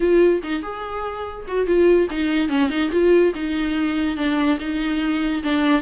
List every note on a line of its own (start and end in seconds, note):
0.00 0.42 F4
0.43 0.62 D#4
0.62 1.45 G#4
1.47 1.66 F#4
1.66 2.08 F4
2.10 2.48 D#4
2.48 2.69 C#4
2.69 2.90 D#4
2.91 3.33 F4
3.34 4.16 D#4
4.16 4.58 D4
4.59 5.43 D#4
5.43 5.81 D4